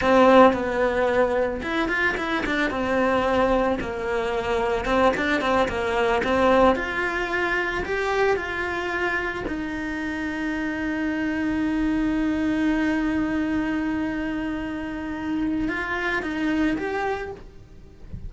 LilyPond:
\new Staff \with { instrumentName = "cello" } { \time 4/4 \tempo 4 = 111 c'4 b2 e'8 f'8 | e'8 d'8 c'2 ais4~ | ais4 c'8 d'8 c'8 ais4 c'8~ | c'8 f'2 g'4 f'8~ |
f'4. dis'2~ dis'8~ | dis'1~ | dis'1~ | dis'4 f'4 dis'4 g'4 | }